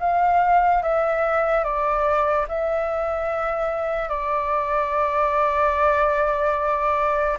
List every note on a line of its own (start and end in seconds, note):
0.00 0.82 F5
0.83 1.64 E5
1.64 2.46 D5
2.48 4.09 E5
4.09 7.37 D5